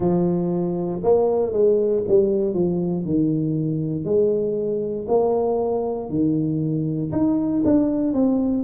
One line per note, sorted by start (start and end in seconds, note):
0.00 1.01 F3
1.03 1.52 A#3
1.52 2.03 G#3
2.08 2.54 G3
2.54 3.04 F3
3.04 4.04 D#3
4.04 5.06 G#3
5.08 6.09 A#3
6.09 7.11 D#3
7.11 7.62 D#4
7.65 8.14 D4
8.14 8.63 C4